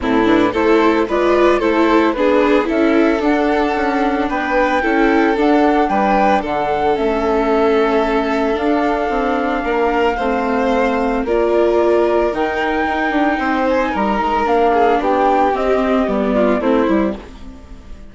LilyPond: <<
  \new Staff \with { instrumentName = "flute" } { \time 4/4 \tempo 4 = 112 a'8 b'8 c''4 d''4 c''4 | b'4 e''4 fis''2 | g''2 fis''4 g''4 | fis''4 e''2. |
f''1~ | f''4 d''2 g''4~ | g''4. gis''8 ais''4 f''4 | g''4 dis''4 d''4 c''4 | }
  \new Staff \with { instrumentName = "violin" } { \time 4/4 e'4 a'4 b'4 a'4 | gis'4 a'2. | b'4 a'2 b'4 | a'1~ |
a'2 ais'4 c''4~ | c''4 ais'2.~ | ais'4 c''4 ais'4. gis'8 | g'2~ g'8 f'8 e'4 | }
  \new Staff \with { instrumentName = "viola" } { \time 4/4 c'8 d'8 e'4 f'4 e'4 | d'4 e'4 d'2~ | d'4 e'4 d'2~ | d'4 cis'2. |
d'2. c'4~ | c'4 f'2 dis'4~ | dis'2. d'4~ | d'4 c'4 b4 c'8 e'8 | }
  \new Staff \with { instrumentName = "bassoon" } { \time 4/4 a,4 a4 gis4 a4 | b4 cis'4 d'4 cis'4 | b4 cis'4 d'4 g4 | d4 a2. |
d'4 c'4 ais4 a4~ | a4 ais2 dis4 | dis'8 d'8 c'4 g8 gis8 ais4 | b4 c'4 g4 a8 g8 | }
>>